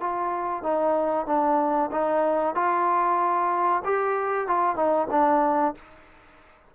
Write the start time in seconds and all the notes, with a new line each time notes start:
0.00 F4
0.63 D#4
1.26 D4
1.91 D#4
2.55 F4
3.84 G4
4.47 F4
4.76 D#4
5.11 D4